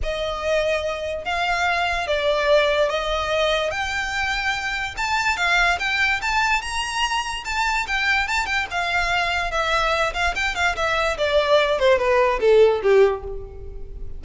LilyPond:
\new Staff \with { instrumentName = "violin" } { \time 4/4 \tempo 4 = 145 dis''2. f''4~ | f''4 d''2 dis''4~ | dis''4 g''2. | a''4 f''4 g''4 a''4 |
ais''2 a''4 g''4 | a''8 g''8 f''2 e''4~ | e''8 f''8 g''8 f''8 e''4 d''4~ | d''8 c''8 b'4 a'4 g'4 | }